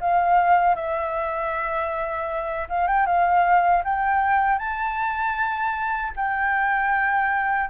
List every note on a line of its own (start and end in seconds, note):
0.00 0.76 F5
0.76 2.68 E5
2.69 2.87 F5
2.87 3.06 G5
3.06 3.83 F5
3.84 4.58 G5
4.58 6.12 A5
6.16 7.70 G5